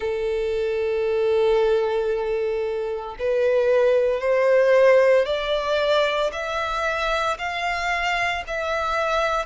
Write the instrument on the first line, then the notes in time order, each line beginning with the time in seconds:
violin
0.00 A4
3.19 B4
4.20 C5
5.25 D5
6.32 E5
7.38 F5
8.47 E5